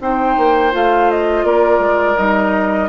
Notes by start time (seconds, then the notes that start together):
0.00 C4 D#4 C5 G5
0.37 A#3
0.72 A3 F4 F5
1.11 D#5
1.44 A#3 A#4 D5
1.79 G#3
2.17 G3 D#4 D#5